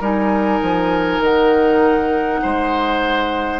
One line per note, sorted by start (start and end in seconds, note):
0.00 0.60 G3
0.00 3.60 D#4
0.00 2.40 A#4
0.00 1.23 G#5
0.61 1.19 F3
1.19 2.39 D#3
1.19 3.60 F#5
2.42 3.60 G#3
2.42 3.60 C5